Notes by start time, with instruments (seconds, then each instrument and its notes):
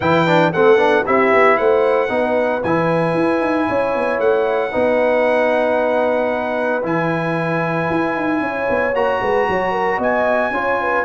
0.00 tuba E3, trombone E4, horn B4, trumpet G5
0.27 trombone D4
0.52 tuba A3, trombone C4, horn A4, trumpet F#5
0.76 tuba B3, trombone D4
1.05 tuba C4, trombone E4, horn G4, trumpet E5
1.33 tuba B3
1.57 tuba A3, horn C5, trumpet F#5
2.08 tuba B3, trombone D#4, horn B4
2.63 tuba E3, trombone E4, trumpet G#5
3.14 tuba E4
3.40 tuba D#4
3.67 tuba C#4, horn C#5
3.95 tuba B3
4.19 tuba A3, trumpet F#5
4.71 tuba B3, trombone D#4, horn B4
6.83 tuba E3, trombone E4, trumpet G#5
7.90 tuba E4
8.16 tuba D#4
8.40 tuba C#4, horn C#5
8.69 tuba B3
8.94 tuba A#3, trombone F#4, trumpet A#5
9.21 tuba G#3, horn B4
9.48 tuba F#3, horn C#5
9.71 horn A#4
9.97 tuba B3, horn D#5, trumpet G#5
10.50 tuba C#4, trombone F4, horn C#5
10.81 horn B4